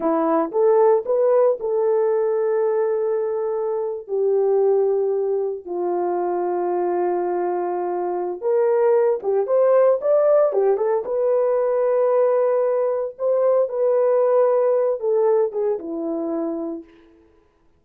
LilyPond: \new Staff \with { instrumentName = "horn" } { \time 4/4 \tempo 4 = 114 e'4 a'4 b'4 a'4~ | a'2.~ a'8. g'16~ | g'2~ g'8. f'4~ f'16~ | f'1 |
ais'4. g'8 c''4 d''4 | g'8 a'8 b'2.~ | b'4 c''4 b'2~ | b'8 a'4 gis'8 e'2 | }